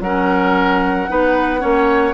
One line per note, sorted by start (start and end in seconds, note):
0.00 1.08 F#3
0.00 1.08 C#4
0.00 1.10 A#4
0.00 2.13 F#5
1.08 1.63 B3
1.08 1.60 D#4
1.08 1.60 B4
1.60 2.13 A#3
1.60 2.13 C#4
1.60 2.13 C#5